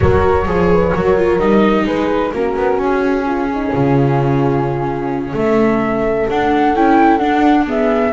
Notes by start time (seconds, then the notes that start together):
0.00 F#3 F#4 A#4 C#5
0.46 F3 G#4
0.72 B4
0.94 F#3 F#4 A#4
1.17 F4
1.39 G3 D#4 D#5
1.84 G#3 G#4 B4
2.32 A#3 C#4 F#4 A#4
2.56 B3
2.77 C#4 G#4
3.26 F4
3.53 D#4
3.73 C#3 F4
5.33 A3 A4 E5
6.29 D4 F#5
6.75 C#4 E4 G5
7.17 D4 F#5
7.66 B3 G#4 E5